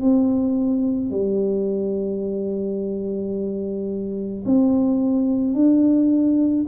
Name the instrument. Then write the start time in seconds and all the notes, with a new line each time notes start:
tuba
0.00 C4
1.11 G3
4.45 C4
5.55 D4